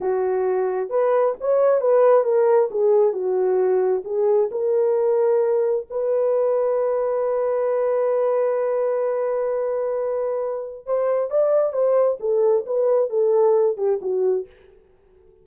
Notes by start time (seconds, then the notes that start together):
0.00 F#4
0.89 B4
1.40 C#5
1.80 B4
2.24 A#4
2.70 G#4
3.12 F#4
4.04 G#4
4.51 A#4
5.90 B4
10.85 C5
11.30 D5
11.72 C5
12.20 A4
12.66 B4
13.09 A4
13.77 G4
14.01 F#4